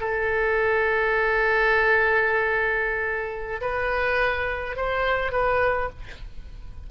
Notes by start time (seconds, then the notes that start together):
0.00 A4
3.61 B4
4.76 C5
5.32 B4